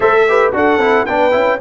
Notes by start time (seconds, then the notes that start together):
0.00 A3 A4 C5 E5
0.28 G4 B4
0.52 D4 F#4 A4 F#5
0.77 C4 E4
1.05 B3 D4 B4 G5
1.31 C#4 E4